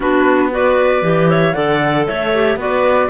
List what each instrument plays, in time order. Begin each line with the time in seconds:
0.00 cello B3, clarinet D4 F#4, flute B4
0.51 clarinet F#4 B4, flute D5
1.02 cello E3, clarinet G4
1.29 clarinet C#5, flute E5
1.53 cello D3, clarinet A4 D5, flute F#5
2.06 cello A3, clarinet C#5, flute E5
2.33 clarinet G4
2.55 cello B3, clarinet F#4 B4, flute D5